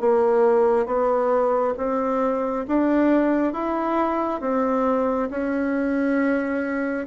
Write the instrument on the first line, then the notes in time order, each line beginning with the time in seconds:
bassoon
0.00 A#3
0.86 B3
1.77 C4
2.68 D4
3.53 E4
4.41 C4
5.30 C#4